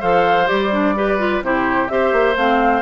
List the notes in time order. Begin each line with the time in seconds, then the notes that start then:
0.00 F3 A4 C5 F5
0.47 G3 G4 D5
0.72 D4
0.96 G4 B4
1.19 F4
1.42 C3 E4 G4 C5
1.88 C4 G4 C5 E5
2.12 A#3
2.36 A3 C4 F5